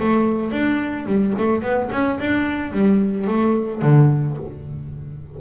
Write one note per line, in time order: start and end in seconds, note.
0.00 0.52 A3
0.52 1.07 D4
1.07 1.34 G3
1.38 1.63 A3
1.63 1.90 B3
1.92 2.19 C#4
2.20 2.73 D4
2.73 3.28 G3
3.28 3.83 A3
3.83 4.38 D3